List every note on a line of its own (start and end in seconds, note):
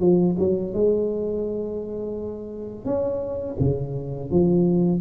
0.00 0.36 F3
0.39 0.73 F#3
0.73 2.85 G#3
2.85 3.56 C#4
3.59 4.31 C#3
4.31 5.01 F3